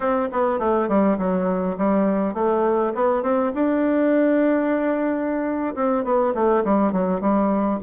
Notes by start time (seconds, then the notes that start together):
0.00 C4
0.32 B3
0.59 A3
0.88 G3
1.18 F#3
1.77 G3
2.34 A3
2.94 B3
3.22 C4
3.54 D4
5.75 C4
6.04 B3
6.34 A3
6.64 G3
6.92 F#3
7.20 G3